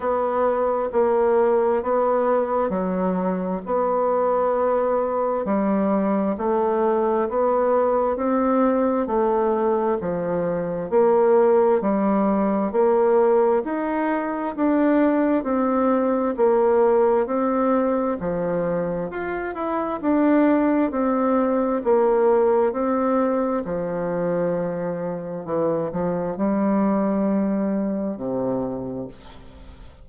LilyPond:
\new Staff \with { instrumentName = "bassoon" } { \time 4/4 \tempo 4 = 66 b4 ais4 b4 fis4 | b2 g4 a4 | b4 c'4 a4 f4 | ais4 g4 ais4 dis'4 |
d'4 c'4 ais4 c'4 | f4 f'8 e'8 d'4 c'4 | ais4 c'4 f2 | e8 f8 g2 c4 | }